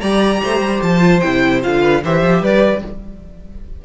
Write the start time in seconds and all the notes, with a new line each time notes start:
0.00 G3 G4 D5 A#5
0.42 A3 C5
0.60 G3
0.82 F3 A5
1.00 F4
1.20 C3 E4 G5
1.63 D3 F4 F5
1.82 B4
2.04 E3 G4 C5 E5
2.22 F3
2.41 G3 B4 D5